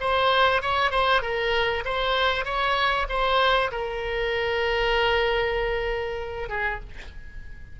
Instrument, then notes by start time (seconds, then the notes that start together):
oboe
0.00 C5
0.61 C#5
0.91 C5
1.22 A#4
1.85 C5
2.45 C#5
3.09 C5
3.71 A#4
6.49 G#4